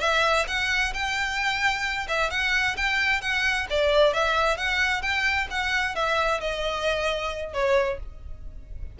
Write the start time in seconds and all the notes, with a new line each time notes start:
0.00 E5
0.47 F#5
0.93 G5
2.07 E5
2.30 F#5
2.76 G5
3.21 F#5
3.69 D5
4.13 E5
4.57 F#5
5.02 G5
5.50 F#5
5.95 E5
6.40 D#5
7.53 C#5